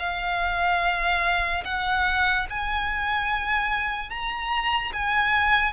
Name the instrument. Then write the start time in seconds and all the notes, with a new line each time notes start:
violin
0.00 F5
1.65 F#5
2.50 G#5
4.10 A#5
4.93 G#5